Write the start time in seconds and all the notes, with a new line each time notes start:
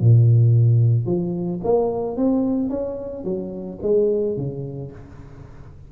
0.00 A#2
1.06 F3
1.64 A#3
2.17 C4
2.70 C#4
3.24 F#3
3.82 G#3
4.37 C#3